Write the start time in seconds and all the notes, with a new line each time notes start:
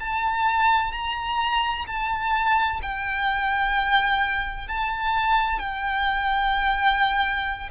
0.00 A5
0.92 A#5
1.87 A5
2.82 G5
4.68 A5
5.59 G5